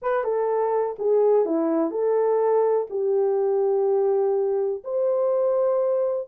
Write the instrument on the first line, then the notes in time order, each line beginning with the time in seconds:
horn
0.01 B4
0.24 A4
0.99 G#4
1.45 E4
1.90 A4
2.89 G4
4.84 C5